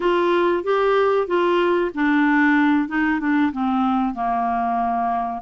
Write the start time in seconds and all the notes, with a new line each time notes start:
0.00 F4
0.63 G4
1.27 F4
1.94 D4
2.88 D#4
3.20 D4
3.52 C4
4.14 A#3